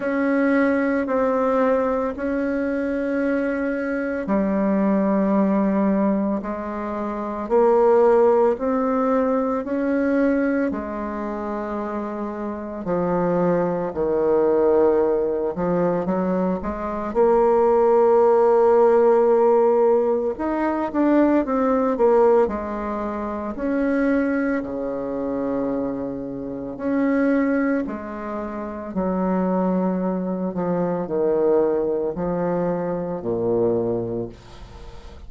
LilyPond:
\new Staff \with { instrumentName = "bassoon" } { \time 4/4 \tempo 4 = 56 cis'4 c'4 cis'2 | g2 gis4 ais4 | c'4 cis'4 gis2 | f4 dis4. f8 fis8 gis8 |
ais2. dis'8 d'8 | c'8 ais8 gis4 cis'4 cis4~ | cis4 cis'4 gis4 fis4~ | fis8 f8 dis4 f4 ais,4 | }